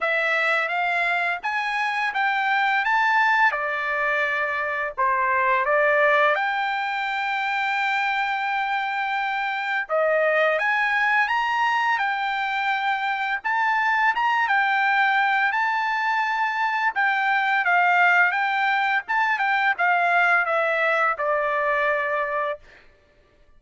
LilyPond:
\new Staff \with { instrumentName = "trumpet" } { \time 4/4 \tempo 4 = 85 e''4 f''4 gis''4 g''4 | a''4 d''2 c''4 | d''4 g''2.~ | g''2 dis''4 gis''4 |
ais''4 g''2 a''4 | ais''8 g''4. a''2 | g''4 f''4 g''4 a''8 g''8 | f''4 e''4 d''2 | }